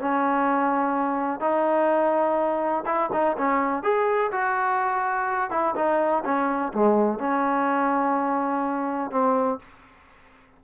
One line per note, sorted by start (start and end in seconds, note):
0.00 1.41 C#4
1.41 2.85 D#4
2.86 3.10 E4
3.13 3.37 D#4
3.38 3.83 C#4
3.83 4.31 G#4
4.32 5.51 F#4
5.51 5.75 E4
5.76 6.24 D#4
6.25 6.73 C#4
6.74 7.20 G#3
7.20 9.12 C#4
9.12 9.60 C4